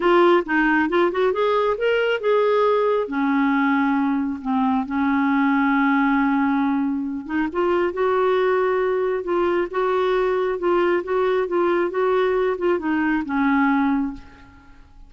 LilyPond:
\new Staff \with { instrumentName = "clarinet" } { \time 4/4 \tempo 4 = 136 f'4 dis'4 f'8 fis'8 gis'4 | ais'4 gis'2 cis'4~ | cis'2 c'4 cis'4~ | cis'1~ |
cis'8 dis'8 f'4 fis'2~ | fis'4 f'4 fis'2 | f'4 fis'4 f'4 fis'4~ | fis'8 f'8 dis'4 cis'2 | }